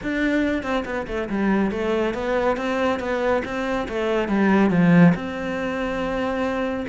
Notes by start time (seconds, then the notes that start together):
0.03 D4
0.62 C4
0.85 B3
1.07 A3
1.29 G3
1.71 A3
2.14 B3
2.57 C4
2.99 B3
3.44 C4
3.88 A3
4.28 G3
4.70 F3
5.14 C4